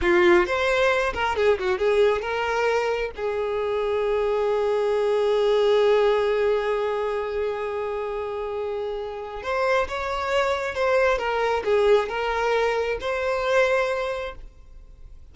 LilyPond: \new Staff \with { instrumentName = "violin" } { \time 4/4 \tempo 4 = 134 f'4 c''4. ais'8 gis'8 fis'8 | gis'4 ais'2 gis'4~ | gis'1~ | gis'1~ |
gis'1~ | gis'4 c''4 cis''2 | c''4 ais'4 gis'4 ais'4~ | ais'4 c''2. | }